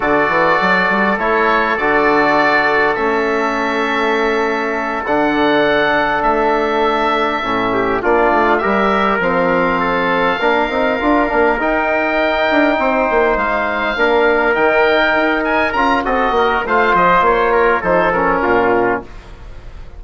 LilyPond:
<<
  \new Staff \with { instrumentName = "oboe" } { \time 4/4 \tempo 4 = 101 d''2 cis''4 d''4~ | d''4 e''2.~ | e''8 fis''2 e''4.~ | e''4. d''4 e''4 f''8~ |
f''2.~ f''8 g''8~ | g''2~ g''8 f''4.~ | f''8 g''4. gis''8 ais''8 dis''4 | f''8 dis''8 cis''4 c''8 ais'4. | }
  \new Staff \with { instrumentName = "trumpet" } { \time 4/4 a'1~ | a'1~ | a'1~ | a'4 g'8 f'4 ais'4.~ |
ais'8 a'4 ais'2~ ais'8~ | ais'4. c''2 ais'8~ | ais'2. a'8 ais'8 | c''4. ais'8 a'4 f'4 | }
  \new Staff \with { instrumentName = "trombone" } { \time 4/4 fis'2 e'4 fis'4~ | fis'4 cis'2.~ | cis'8 d'2.~ d'8~ | d'8 cis'4 d'4 g'4 c'8~ |
c'4. d'8 dis'8 f'8 d'8 dis'8~ | dis'2.~ dis'8 d'8~ | d'8 dis'2 f'8 fis'4 | f'2 dis'8 cis'4. | }
  \new Staff \with { instrumentName = "bassoon" } { \time 4/4 d8 e8 fis8 g8 a4 d4~ | d4 a2.~ | a8 d2 a4.~ | a8 a,4 ais8 a8 g4 f8~ |
f4. ais8 c'8 d'8 ais8 dis'8~ | dis'4 d'8 c'8 ais8 gis4 ais8~ | ais8 dis4 dis'4 cis'8 c'8 ais8 | a8 f8 ais4 f4 ais,4 | }
>>